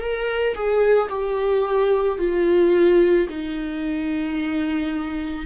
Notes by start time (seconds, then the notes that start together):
0.00 A#4
0.55 G#4
1.09 G4
2.19 F4
3.29 D#4